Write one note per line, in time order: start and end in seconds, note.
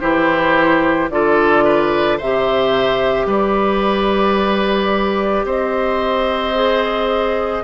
0.00 1.10 E3
0.00 1.10 E4
0.00 1.09 G4
0.00 1.09 C5
1.10 2.19 D3
1.10 2.19 F4
1.10 1.64 A4
1.10 2.19 D5
1.64 2.17 B4
2.17 3.26 C3
2.17 6.55 G4
2.17 3.26 C5
2.17 3.27 E5
3.26 5.44 G3
3.26 5.45 B4
3.26 5.45 D5
5.44 7.62 C4
5.44 7.64 C5
5.44 7.64 D#5
6.55 7.64 G#4